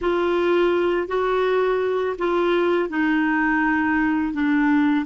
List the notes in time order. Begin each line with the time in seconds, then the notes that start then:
0.01 F4
1.07 F#4
2.18 F4
2.89 D#4
4.33 D4